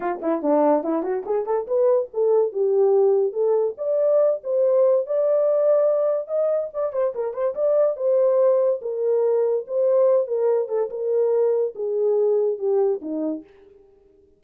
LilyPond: \new Staff \with { instrumentName = "horn" } { \time 4/4 \tempo 4 = 143 f'8 e'8 d'4 e'8 fis'8 gis'8 a'8 | b'4 a'4 g'2 | a'4 d''4. c''4. | d''2. dis''4 |
d''8 c''8 ais'8 c''8 d''4 c''4~ | c''4 ais'2 c''4~ | c''8 ais'4 a'8 ais'2 | gis'2 g'4 dis'4 | }